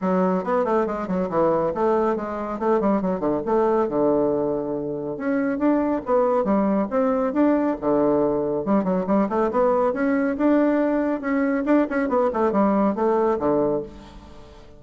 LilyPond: \new Staff \with { instrumentName = "bassoon" } { \time 4/4 \tempo 4 = 139 fis4 b8 a8 gis8 fis8 e4 | a4 gis4 a8 g8 fis8 d8 | a4 d2. | cis'4 d'4 b4 g4 |
c'4 d'4 d2 | g8 fis8 g8 a8 b4 cis'4 | d'2 cis'4 d'8 cis'8 | b8 a8 g4 a4 d4 | }